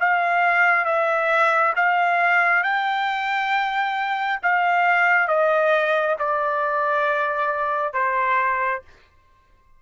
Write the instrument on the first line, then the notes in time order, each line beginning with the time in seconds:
trumpet
0.00 F5
0.85 E5
1.76 F5
2.63 G5
4.42 F5
5.28 D#5
6.19 D5
7.93 C5